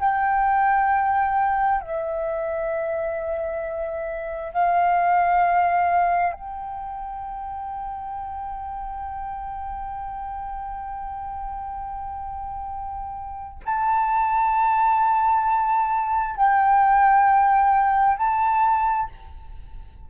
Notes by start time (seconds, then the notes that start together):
0.00 G5
1.81 E5
4.53 F5
6.33 G5
13.66 A5
16.36 G5
18.18 A5